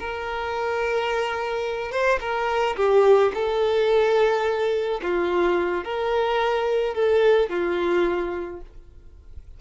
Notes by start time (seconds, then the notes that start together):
0.00 A#4
1.92 C5
2.21 A#4
2.77 G4
3.34 A4
5.03 F4
5.85 A#4
6.95 A4
7.50 F4